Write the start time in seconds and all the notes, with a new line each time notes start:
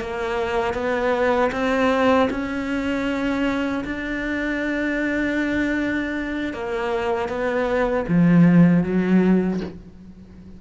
0.00 A#3
0.73 B3
1.51 C4
2.30 C#4
3.84 D4
6.53 A#3
7.28 B3
8.08 F3
8.83 F#3